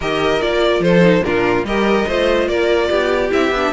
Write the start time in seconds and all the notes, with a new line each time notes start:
0.00 D#3 G4 A#4 D#5
0.40 A#3 F4 D5
0.79 F3 A4 C5
1.01 D#4
1.22 A#2 D4 F4 A#4
1.63 G3 G4 A#4 D#5
2.07 A3 F4 C5
2.47 A#3 A#4 D5
2.90 B3 G4
3.30 C4 E4 E5
3.50 B3 D4